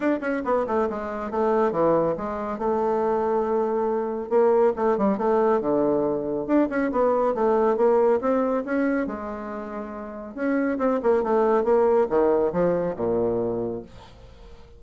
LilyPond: \new Staff \with { instrumentName = "bassoon" } { \time 4/4 \tempo 4 = 139 d'8 cis'8 b8 a8 gis4 a4 | e4 gis4 a2~ | a2 ais4 a8 g8 | a4 d2 d'8 cis'8 |
b4 a4 ais4 c'4 | cis'4 gis2. | cis'4 c'8 ais8 a4 ais4 | dis4 f4 ais,2 | }